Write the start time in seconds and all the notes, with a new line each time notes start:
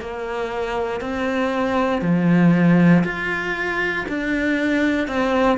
0.00 A#3
1.00 C4
2.02 F3
3.04 F4
4.08 D4
5.07 C4